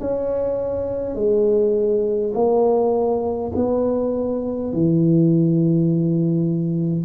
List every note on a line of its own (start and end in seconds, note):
0.00 1.15 C#4
1.15 2.33 G#3
2.34 3.51 A#3
3.55 4.73 B3
4.73 7.05 E3